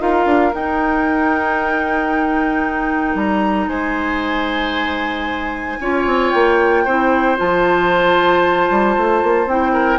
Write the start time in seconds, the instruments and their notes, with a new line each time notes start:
0.00 bassoon D#4, clarinet F4, oboe A#4, flute F5
0.26 bassoon D4
0.54 clarinet D#4, bassoon D#4, flute G5
3.15 bassoon G3, flute A#5
3.68 bassoon G#3, oboe C5, flute G#5
5.80 bassoon C#4, clarinet F4, oboe C#5
6.06 bassoon C4
6.31 bassoon A#3, flute G5
6.85 bassoon C4, clarinet E4, oboe C5
7.37 bassoon F3, clarinet F4, flute A5
8.71 bassoon G3
8.97 bassoon A3
9.23 bassoon A#3
9.47 bassoon C4, clarinet E4, flute G5
9.73 oboe A#4